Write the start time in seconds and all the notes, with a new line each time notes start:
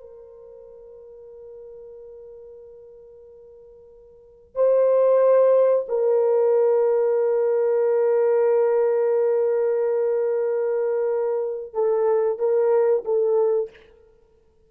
0.00 A#4
4.55 C5
5.88 A#4
11.73 A4
12.38 A#4
13.05 A4